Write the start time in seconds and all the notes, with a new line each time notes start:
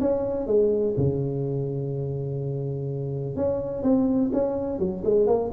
0.00 C#4
0.46 G#3
0.97 C#3
3.36 C#4
3.82 C4
4.32 C#4
4.79 F#3
5.04 G#3
5.26 A#3